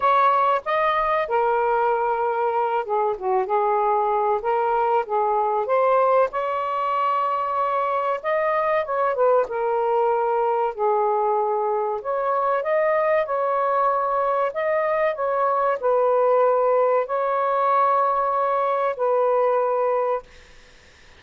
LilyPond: \new Staff \with { instrumentName = "saxophone" } { \time 4/4 \tempo 4 = 95 cis''4 dis''4 ais'2~ | ais'8 gis'8 fis'8 gis'4. ais'4 | gis'4 c''4 cis''2~ | cis''4 dis''4 cis''8 b'8 ais'4~ |
ais'4 gis'2 cis''4 | dis''4 cis''2 dis''4 | cis''4 b'2 cis''4~ | cis''2 b'2 | }